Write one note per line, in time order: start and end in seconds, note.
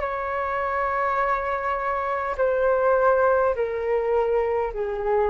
0.00 2.35 C#5
2.37 3.55 C5
3.55 4.73 A#4
4.73 5.30 G#4